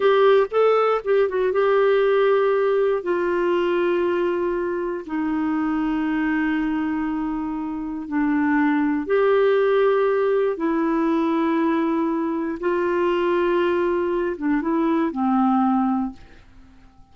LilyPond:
\new Staff \with { instrumentName = "clarinet" } { \time 4/4 \tempo 4 = 119 g'4 a'4 g'8 fis'8 g'4~ | g'2 f'2~ | f'2 dis'2~ | dis'1 |
d'2 g'2~ | g'4 e'2.~ | e'4 f'2.~ | f'8 d'8 e'4 c'2 | }